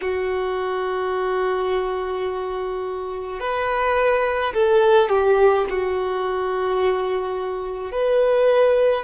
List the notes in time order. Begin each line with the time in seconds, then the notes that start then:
0.01 F#4
3.40 B4
4.53 A4
5.09 G4
5.69 F#4
7.91 B4